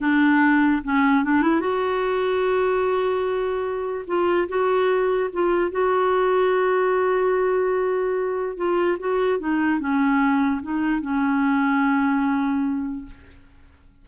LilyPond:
\new Staff \with { instrumentName = "clarinet" } { \time 4/4 \tempo 4 = 147 d'2 cis'4 d'8 e'8 | fis'1~ | fis'2 f'4 fis'4~ | fis'4 f'4 fis'2~ |
fis'1~ | fis'4 f'4 fis'4 dis'4 | cis'2 dis'4 cis'4~ | cis'1 | }